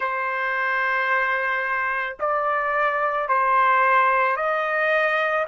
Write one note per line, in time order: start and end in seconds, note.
0.00 2.17 C5
2.19 3.28 D5
3.28 4.36 C5
4.36 5.45 D#5